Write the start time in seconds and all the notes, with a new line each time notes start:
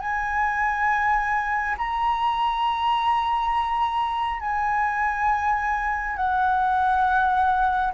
0.00 G#5
1.78 A#5
4.40 G#5
6.16 F#5